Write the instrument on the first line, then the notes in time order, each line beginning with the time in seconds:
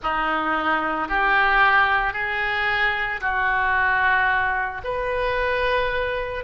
oboe
0.02 D#4
1.08 G4
2.13 G#4
3.20 F#4
4.84 B4